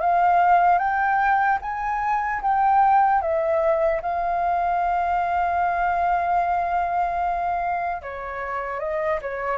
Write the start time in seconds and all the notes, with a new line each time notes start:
0.00 F5
0.78 G5
1.61 G#5
2.41 G5
3.21 E5
4.01 F5
8.01 C#5
8.79 D#5
9.21 C#5